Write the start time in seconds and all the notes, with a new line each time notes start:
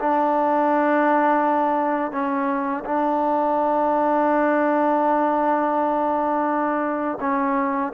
0.00 D4
2.12 C#4
2.85 D4
7.21 C#4